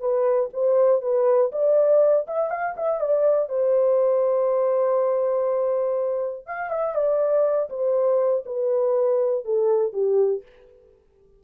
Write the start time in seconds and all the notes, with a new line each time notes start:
0.00 B4
0.53 C5
1.02 B4
1.52 D5
2.27 E5
2.50 F5
2.77 E5
3.00 D5
3.49 C5
6.46 F5
6.71 E5
6.95 D5
7.70 C5
8.45 B4
9.45 A4
9.93 G4